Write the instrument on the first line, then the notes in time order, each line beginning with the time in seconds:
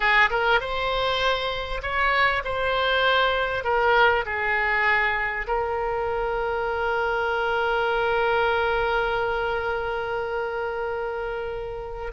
oboe
0.00 G#4
0.30 A#4
0.60 C5
1.82 C#5
2.44 C5
3.64 A#4
4.25 G#4
5.47 A#4